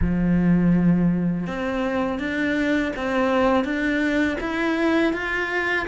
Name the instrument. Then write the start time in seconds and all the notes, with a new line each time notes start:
cello
0.01 F3
1.46 C4
2.19 D4
2.95 C4
3.64 D4
4.40 E4
5.13 F4